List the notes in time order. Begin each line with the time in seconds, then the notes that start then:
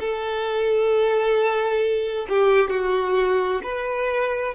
0.00 A4
2.29 G4
2.70 F#4
3.63 B4